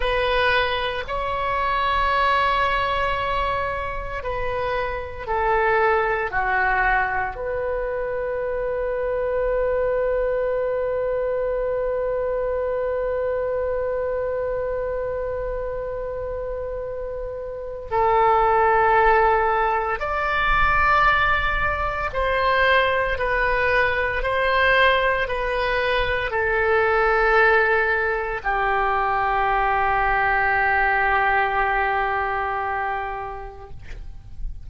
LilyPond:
\new Staff \with { instrumentName = "oboe" } { \time 4/4 \tempo 4 = 57 b'4 cis''2. | b'4 a'4 fis'4 b'4~ | b'1~ | b'1~ |
b'4 a'2 d''4~ | d''4 c''4 b'4 c''4 | b'4 a'2 g'4~ | g'1 | }